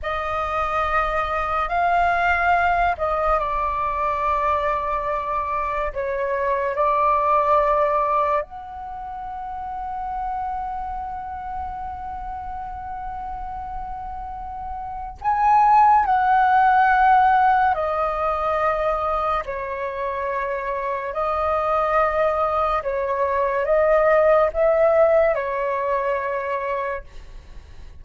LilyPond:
\new Staff \with { instrumentName = "flute" } { \time 4/4 \tempo 4 = 71 dis''2 f''4. dis''8 | d''2. cis''4 | d''2 fis''2~ | fis''1~ |
fis''2 gis''4 fis''4~ | fis''4 dis''2 cis''4~ | cis''4 dis''2 cis''4 | dis''4 e''4 cis''2 | }